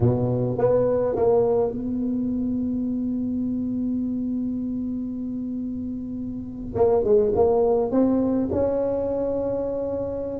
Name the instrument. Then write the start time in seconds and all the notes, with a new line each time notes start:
tuba
0.00 B2
0.57 B3
1.15 A#3
1.72 B3
6.74 A#3
7.03 G#3
7.35 A#3
7.91 C4
8.51 C#4